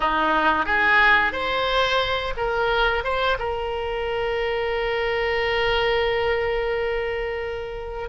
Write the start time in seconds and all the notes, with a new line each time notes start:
0.00 D#4
0.65 G#4
1.32 C5
2.37 A#4
3.04 C5
3.39 A#4